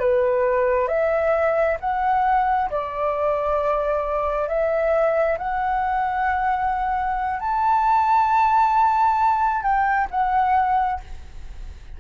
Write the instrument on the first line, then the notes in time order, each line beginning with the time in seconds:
flute
0.00 B4
0.88 E5
1.80 F#5
2.71 D5
4.49 E5
5.39 F#5
7.40 A5
9.63 G5
10.11 F#5